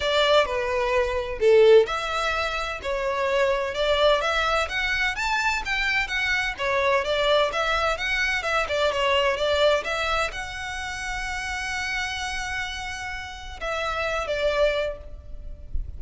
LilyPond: \new Staff \with { instrumentName = "violin" } { \time 4/4 \tempo 4 = 128 d''4 b'2 a'4 | e''2 cis''2 | d''4 e''4 fis''4 a''4 | g''4 fis''4 cis''4 d''4 |
e''4 fis''4 e''8 d''8 cis''4 | d''4 e''4 fis''2~ | fis''1~ | fis''4 e''4. d''4. | }